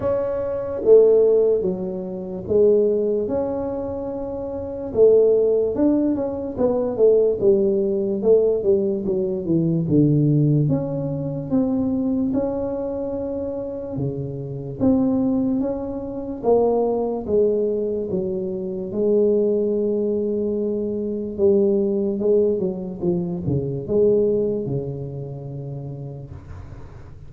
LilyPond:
\new Staff \with { instrumentName = "tuba" } { \time 4/4 \tempo 4 = 73 cis'4 a4 fis4 gis4 | cis'2 a4 d'8 cis'8 | b8 a8 g4 a8 g8 fis8 e8 | d4 cis'4 c'4 cis'4~ |
cis'4 cis4 c'4 cis'4 | ais4 gis4 fis4 gis4~ | gis2 g4 gis8 fis8 | f8 cis8 gis4 cis2 | }